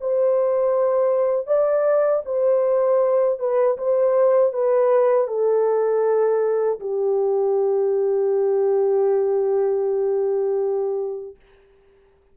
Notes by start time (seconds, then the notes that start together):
0.00 C5
1.46 D5
2.25 C5
3.39 B4
3.77 C5
4.53 B4
5.27 A4
6.80 G4